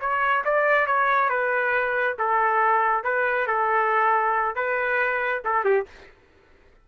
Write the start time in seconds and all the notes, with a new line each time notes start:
0.00 C#5
0.44 D5
0.86 C#5
1.29 B4
2.18 A4
3.04 B4
3.47 A4
4.55 B4
5.45 A4
5.64 G4